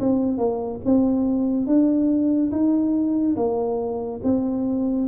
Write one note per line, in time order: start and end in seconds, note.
0.00 0.38 C4
0.38 0.80 A#3
0.85 1.67 C4
1.67 2.51 D4
2.52 3.36 D#4
3.36 4.21 A#3
4.24 5.08 C4